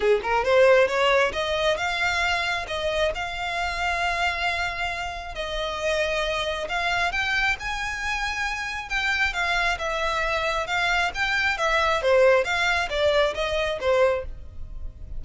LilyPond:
\new Staff \with { instrumentName = "violin" } { \time 4/4 \tempo 4 = 135 gis'8 ais'8 c''4 cis''4 dis''4 | f''2 dis''4 f''4~ | f''1 | dis''2. f''4 |
g''4 gis''2. | g''4 f''4 e''2 | f''4 g''4 e''4 c''4 | f''4 d''4 dis''4 c''4 | }